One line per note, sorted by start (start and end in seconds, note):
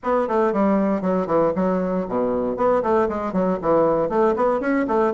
0.03 0.28 B3
0.28 0.52 A3
0.52 1.01 G3
1.01 1.26 F#3
1.26 1.52 E3
1.55 2.07 F#3
2.08 2.56 B2
2.56 2.82 B3
2.82 3.08 A3
3.08 3.32 G#3
3.32 3.58 F#3
3.61 4.09 E3
4.09 4.34 A3
4.36 4.60 B3
4.60 4.86 C#4
4.87 5.13 A3